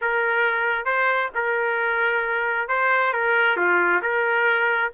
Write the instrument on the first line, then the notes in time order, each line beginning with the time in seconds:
trumpet
0.01 A#4
0.85 C5
1.34 A#4
2.68 C5
3.13 A#4
3.56 F4
4.02 A#4